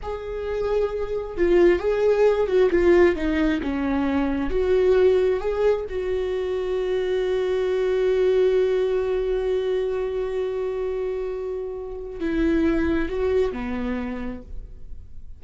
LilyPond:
\new Staff \with { instrumentName = "viola" } { \time 4/4 \tempo 4 = 133 gis'2. f'4 | gis'4. fis'8 f'4 dis'4 | cis'2 fis'2 | gis'4 fis'2.~ |
fis'1~ | fis'1~ | fis'2. e'4~ | e'4 fis'4 b2 | }